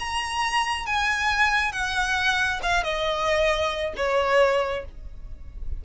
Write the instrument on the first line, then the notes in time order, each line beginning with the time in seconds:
violin
0.00 A#5
0.87 G#5
1.73 F#5
2.63 F5
2.84 D#5
3.97 C#5